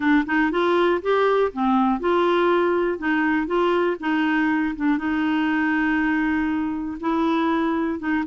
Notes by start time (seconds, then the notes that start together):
0.00 D4
0.26 D#4
0.51 F4
1.02 G4
1.52 C4
2.00 F4
2.98 D#4
3.46 F4
4.00 D#4
4.75 D4
4.98 D#4
7.00 E4
7.99 D#4